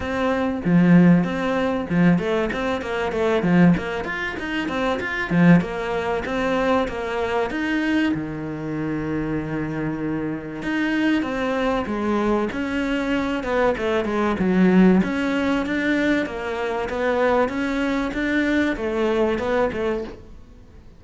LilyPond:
\new Staff \with { instrumentName = "cello" } { \time 4/4 \tempo 4 = 96 c'4 f4 c'4 f8 a8 | c'8 ais8 a8 f8 ais8 f'8 dis'8 c'8 | f'8 f8 ais4 c'4 ais4 | dis'4 dis2.~ |
dis4 dis'4 c'4 gis4 | cis'4. b8 a8 gis8 fis4 | cis'4 d'4 ais4 b4 | cis'4 d'4 a4 b8 a8 | }